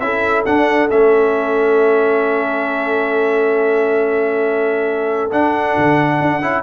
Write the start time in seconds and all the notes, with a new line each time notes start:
0.00 C#4 E4 A4 E5
0.46 D4 F#5
0.90 A3 C#4 E5
5.32 D4 F#5
5.78 D3
6.21 D4
6.42 C#4 E4